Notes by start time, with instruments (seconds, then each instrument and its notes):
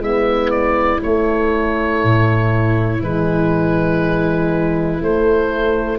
0.00 tuba G#3, horn B3, viola E4, oboe E5
0.51 oboe D5
1.02 horn A3, tuba A3, oboe C#5
2.04 tuba A2
3.01 tuba E3, horn G#3, oboe B4
5.02 tuba A3, horn A3, oboe C5